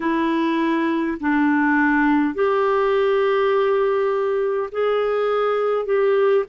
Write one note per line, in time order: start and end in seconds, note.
0.00 1.18 E4
1.20 2.34 D4
2.34 4.69 G4
4.71 5.85 G#4
5.85 6.44 G4